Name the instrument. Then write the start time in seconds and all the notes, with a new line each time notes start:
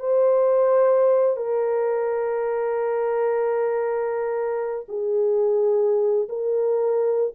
horn
0.00 C5
1.37 A#4
4.89 G#4
6.29 A#4